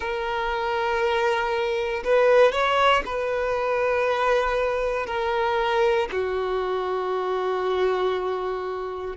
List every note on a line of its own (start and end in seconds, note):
0.00 2.03 A#4
2.04 2.51 B4
2.51 3.02 C#5
3.05 5.06 B4
5.06 6.08 A#4
6.11 9.16 F#4